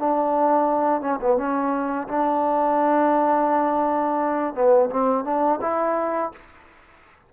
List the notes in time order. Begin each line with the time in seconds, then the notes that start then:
0.00 D4
1.02 C#4
1.22 B3
1.38 C#4
2.08 D4
4.55 B3
4.91 C4
5.25 D4
5.62 E4